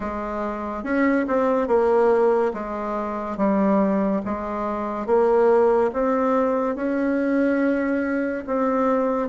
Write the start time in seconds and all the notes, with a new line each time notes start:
0.00 G#3
0.83 C#4
1.27 C4
1.67 A#3
2.54 G#3
3.36 G3
4.25 G#3
5.06 A#3
5.93 C4
6.75 C#4
8.46 C4